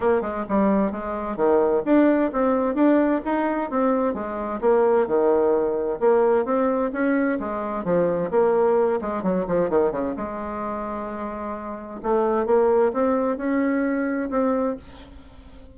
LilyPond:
\new Staff \with { instrumentName = "bassoon" } { \time 4/4 \tempo 4 = 130 ais8 gis8 g4 gis4 dis4 | d'4 c'4 d'4 dis'4 | c'4 gis4 ais4 dis4~ | dis4 ais4 c'4 cis'4 |
gis4 f4 ais4. gis8 | fis8 f8 dis8 cis8 gis2~ | gis2 a4 ais4 | c'4 cis'2 c'4 | }